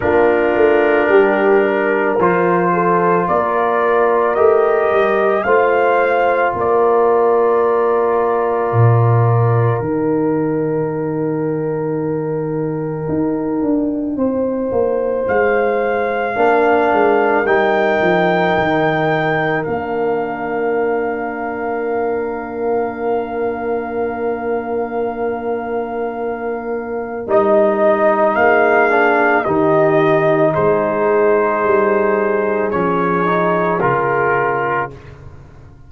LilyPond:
<<
  \new Staff \with { instrumentName = "trumpet" } { \time 4/4 \tempo 4 = 55 ais'2 c''4 d''4 | dis''4 f''4 d''2~ | d''4 g''2.~ | g''2 f''2 |
g''2 f''2~ | f''1~ | f''4 dis''4 f''4 dis''4 | c''2 cis''4 ais'4 | }
  \new Staff \with { instrumentName = "horn" } { \time 4/4 f'4 g'8 ais'4 a'8 ais'4~ | ais'4 c''4 ais'2~ | ais'1~ | ais'4 c''2 ais'4~ |
ais'1~ | ais'1~ | ais'2 gis'4 g'4 | gis'1 | }
  \new Staff \with { instrumentName = "trombone" } { \time 4/4 d'2 f'2 | g'4 f'2.~ | f'4 dis'2.~ | dis'2. d'4 |
dis'2 d'2~ | d'1~ | d'4 dis'4. d'8 dis'4~ | dis'2 cis'8 dis'8 f'4 | }
  \new Staff \with { instrumentName = "tuba" } { \time 4/4 ais8 a8 g4 f4 ais4 | a8 g8 a4 ais2 | ais,4 dis2. | dis'8 d'8 c'8 ais8 gis4 ais8 gis8 |
g8 f8 dis4 ais2~ | ais1~ | ais4 g4 ais4 dis4 | gis4 g4 f4 cis4 | }
>>